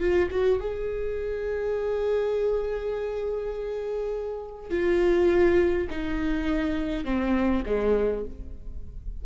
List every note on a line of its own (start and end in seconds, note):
0.00 0.29 F4
0.31 0.60 F#4
0.60 4.71 G#4
4.71 5.88 F4
5.90 7.05 D#4
7.05 7.64 C4
7.66 8.25 G#3